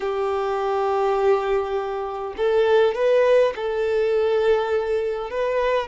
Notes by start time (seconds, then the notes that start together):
0.00 G4
2.37 A4
2.94 B4
3.55 A4
5.30 B4